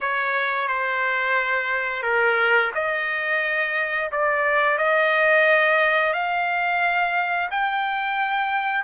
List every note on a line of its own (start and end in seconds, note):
0.00 0.68 C#5
0.68 2.03 C5
2.03 2.71 A#4
2.74 4.10 D#5
4.11 4.78 D5
4.78 6.13 D#5
6.13 7.49 F5
7.50 8.84 G5